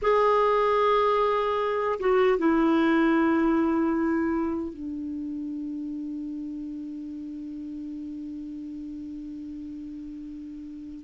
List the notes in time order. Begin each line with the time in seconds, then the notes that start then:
0.01 G#4
1.99 F#4
2.38 E4
4.73 D4